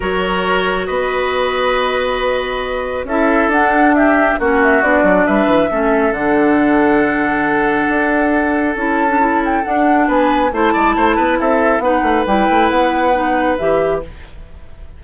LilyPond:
<<
  \new Staff \with { instrumentName = "flute" } { \time 4/4 \tempo 4 = 137 cis''2 dis''2~ | dis''2. e''4 | fis''4 e''4 fis''8 e''8 d''4 | e''2 fis''2~ |
fis''1 | a''4. g''8 fis''4 gis''4 | a''2 e''4 fis''4 | g''4 fis''2 e''4 | }
  \new Staff \with { instrumentName = "oboe" } { \time 4/4 ais'2 b'2~ | b'2. a'4~ | a'4 g'4 fis'2 | b'4 a'2.~ |
a'1~ | a'2. b'4 | c''8 d''8 c''8 b'8 a'4 b'4~ | b'1 | }
  \new Staff \with { instrumentName = "clarinet" } { \time 4/4 fis'1~ | fis'2. e'4 | d'2 cis'4 d'4~ | d'4 cis'4 d'2~ |
d'1 | e'8. d'16 e'4 d'2 | e'2. dis'4 | e'2 dis'4 g'4 | }
  \new Staff \with { instrumentName = "bassoon" } { \time 4/4 fis2 b2~ | b2. cis'4 | d'2 ais4 b8 fis8 | g8 e8 a4 d2~ |
d2 d'2 | cis'2 d'4 b4 | a8 gis8 a8 b8 c'4 b8 a8 | g8 a8 b2 e4 | }
>>